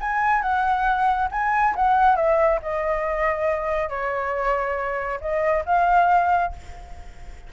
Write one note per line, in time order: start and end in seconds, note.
0.00 0.42 G#5
0.42 1.29 F#5
1.31 1.74 G#5
1.75 2.16 F#5
2.16 2.59 E5
2.62 3.89 D#5
3.89 5.19 C#5
5.21 5.64 D#5
5.65 6.52 F5